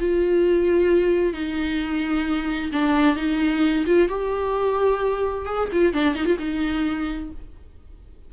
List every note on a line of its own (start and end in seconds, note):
0.00 1.34 F4
1.34 2.71 D#4
2.73 3.16 D4
3.16 3.85 D#4
3.87 4.09 F4
4.09 5.46 G4
5.46 5.69 G#4
5.73 5.94 F4
5.94 6.16 D4
6.16 6.26 D#4
6.26 6.37 F4
6.39 7.31 D#4